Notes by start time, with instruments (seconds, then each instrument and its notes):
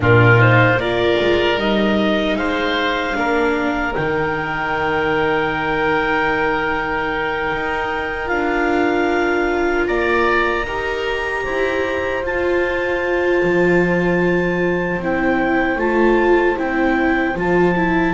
0.00 double bass A#2, viola D4, oboe F4, clarinet A#4
0.35 viola D#4, clarinet C5
0.76 double bass A#3, viola F4, oboe A#4, clarinet D5
1.20 double bass G#3
1.57 double bass G3, viola D#4, clarinet D#5
2.35 double bass G#3, oboe C5, clarinet F5
3.13 double bass A#3, viola D4, oboe A#4
3.94 double bass D#3, viola D#4, clarinet G5
7.52 double bass D#4
8.26 double bass D4, viola F4, clarinet F5
9.86 double bass A#3, oboe D5, clarinet A#5
10.65 double bass D#4, viola G4, oboe A#4
11.43 double bass E4, oboe C5
12.23 double bass F4, viola F4, clarinet A5
13.42 double bass F3
14.97 double bass C4, viola E4
15.03 clarinet G5
15.76 double bass A3, viola F4, clarinet A5
16.55 double bass C4, viola E4, clarinet G5
17.35 double bass F3, viola F4, clarinet A5
17.76 viola E4